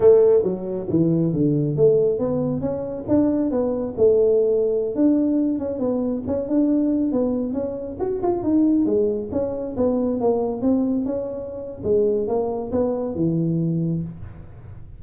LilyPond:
\new Staff \with { instrumentName = "tuba" } { \time 4/4 \tempo 4 = 137 a4 fis4 e4 d4 | a4 b4 cis'4 d'4 | b4 a2~ a16 d'8.~ | d'8. cis'8 b4 cis'8 d'4~ d'16~ |
d'16 b4 cis'4 fis'8 f'8 dis'8.~ | dis'16 gis4 cis'4 b4 ais8.~ | ais16 c'4 cis'4.~ cis'16 gis4 | ais4 b4 e2 | }